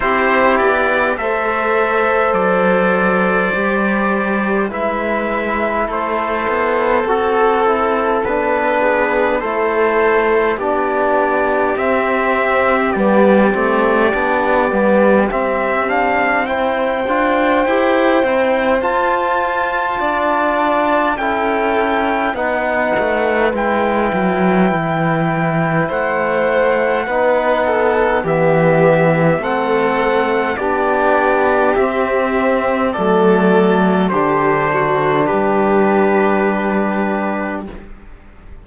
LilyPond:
<<
  \new Staff \with { instrumentName = "trumpet" } { \time 4/4 \tempo 4 = 51 c''8 d''8 e''4 d''2 | e''4 c''4 a'4 b'4 | c''4 d''4 e''4 d''4~ | d''4 e''8 f''8 g''2 |
a''2 g''4 fis''4 | g''2 fis''2 | e''4 fis''4 d''4 e''4 | d''4 c''4 b'2 | }
  \new Staff \with { instrumentName = "violin" } { \time 4/4 g'4 c''2. | b'4 a'2~ a'8 gis'8 | a'4 g'2.~ | g'2 c''2~ |
c''4 d''4 a'4 b'4~ | b'2 c''4 b'8 a'8 | g'4 a'4 g'2 | a'4 g'8 fis'8 g'2 | }
  \new Staff \with { instrumentName = "trombone" } { \time 4/4 e'4 a'2 g'4 | e'2 fis'8 e'8 d'4 | e'4 d'4 c'4 b8 c'8 | d'8 b8 c'8 d'8 e'8 f'8 g'8 e'8 |
f'2 e'4 dis'4 | e'2. dis'4 | b4 c'4 d'4 c'4 | a4 d'2. | }
  \new Staff \with { instrumentName = "cello" } { \time 4/4 c'8 b8 a4 fis4 g4 | gis4 a8 b8 c'4 b4 | a4 b4 c'4 g8 a8 | b8 g8 c'4. d'8 e'8 c'8 |
f'4 d'4 cis'4 b8 a8 | gis8 fis8 e4 a4 b4 | e4 a4 b4 c'4 | fis4 d4 g2 | }
>>